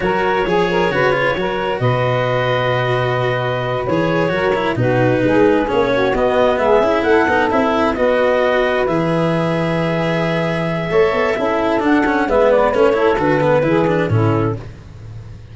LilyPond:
<<
  \new Staff \with { instrumentName = "clarinet" } { \time 4/4 \tempo 4 = 132 cis''1 | dis''1~ | dis''8 cis''2 b'4.~ | b'8 cis''4 dis''4 e''4 fis''8~ |
fis''8 e''4 dis''2 e''8~ | e''1~ | e''2 fis''4 e''8 d''8 | cis''4 b'2 a'4 | }
  \new Staff \with { instrumentName = "saxophone" } { \time 4/4 ais'4 gis'8 ais'8 b'4 ais'4 | b'1~ | b'4. ais'4 fis'4 gis'8~ | gis'4 fis'4. gis'4 a'8~ |
a'4. b'2~ b'8~ | b'1 | cis''4 a'2 b'4~ | b'8 a'4. gis'4 e'4 | }
  \new Staff \with { instrumentName = "cello" } { \time 4/4 fis'4 gis'4 fis'8 f'8 fis'4~ | fis'1~ | fis'8 gis'4 fis'8 e'8 dis'4.~ | dis'8 cis'4 b4. e'4 |
dis'8 e'4 fis'2 gis'8~ | gis'1 | a'4 e'4 d'8 cis'8 b4 | cis'8 e'8 fis'8 b8 e'8 d'8 cis'4 | }
  \new Staff \with { instrumentName = "tuba" } { \time 4/4 fis4 f4 cis4 fis4 | b,1~ | b,8 e4 fis4 b,4 gis8~ | gis8 ais4 b4 gis8 cis'8 a8 |
b8 c'4 b2 e8~ | e1 | a8 b8 cis'4 d'4 gis4 | a4 d4 e4 a,4 | }
>>